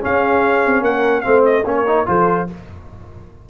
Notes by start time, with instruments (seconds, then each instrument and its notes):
0.00 trombone C#4, tuba C#4, horn G#4, trumpet F5
0.65 tuba C4
0.81 tuba A#3, horn A#4, trumpet F#5
1.20 trombone C4, horn C5, trumpet F5
1.26 tuba A3
1.45 trumpet D#5
1.65 tuba A#3, trombone C#4, horn A#4, trumpet C#5
1.87 trombone D#4
2.06 tuba F3, trombone F4, horn A4, trumpet C5